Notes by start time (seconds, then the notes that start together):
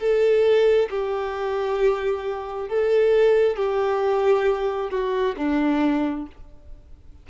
0.00 A4
0.90 G4
2.69 A4
3.56 G4
4.91 F#4
5.37 D4